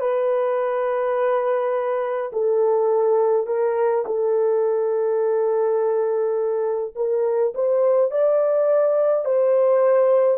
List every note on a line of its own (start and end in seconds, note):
0.00 2.31 B4
2.32 3.47 A4
3.47 4.04 A#4
4.05 6.94 A4
6.95 7.53 A#4
7.54 8.11 C5
8.11 9.25 D5
9.25 10.38 C5